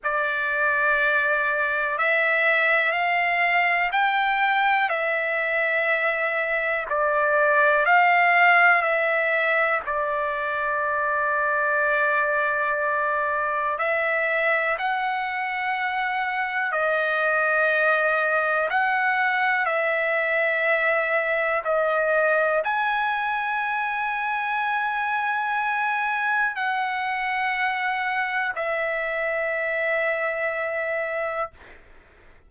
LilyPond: \new Staff \with { instrumentName = "trumpet" } { \time 4/4 \tempo 4 = 61 d''2 e''4 f''4 | g''4 e''2 d''4 | f''4 e''4 d''2~ | d''2 e''4 fis''4~ |
fis''4 dis''2 fis''4 | e''2 dis''4 gis''4~ | gis''2. fis''4~ | fis''4 e''2. | }